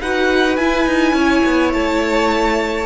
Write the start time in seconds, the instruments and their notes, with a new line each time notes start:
0.00 cello D#4, viola F#4, violin B4 F#5
0.56 cello E4, viola E4, violin G#5
0.86 cello D#4
1.12 cello C#4, violin C#5
1.45 cello B3
1.73 cello A3, violin A5